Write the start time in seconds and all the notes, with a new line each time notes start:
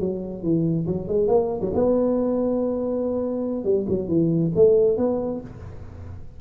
0.00 F#3
0.43 E3
0.87 F#3
1.08 G#3
1.28 A#3
1.61 F#3
1.74 B3
3.64 G3
3.89 F#3
4.08 E3
4.56 A3
4.98 B3